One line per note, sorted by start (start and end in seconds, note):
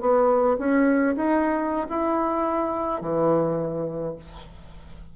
0.00 0.57 B3
0.58 1.15 C#4
1.16 1.87 D#4
1.89 3.01 E4
3.01 4.15 E3